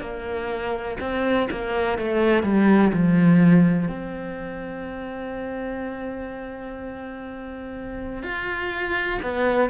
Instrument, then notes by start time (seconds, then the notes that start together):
cello
0.00 A#3
1.00 C4
1.50 A#3
1.98 A3
2.42 G3
2.93 F3
3.88 C4
8.23 F4
9.22 B3